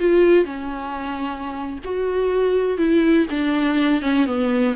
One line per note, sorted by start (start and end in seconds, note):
0.00 0.45 F4
0.45 1.79 C#4
1.85 2.78 F#4
2.78 3.27 E4
3.31 4.02 D4
4.02 4.26 C#4
4.26 4.75 B3